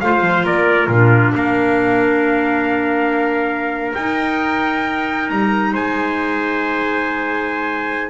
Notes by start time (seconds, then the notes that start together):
0.00 A3 F4 C5 F5
0.21 F3
0.44 A#3 A#4 D5
0.86 A#2 F4 A#4
0.92 D4
1.34 A#3 A#4 F5
3.95 D#4 G5
5.30 G3 A#5
5.73 G#3 C5 G#5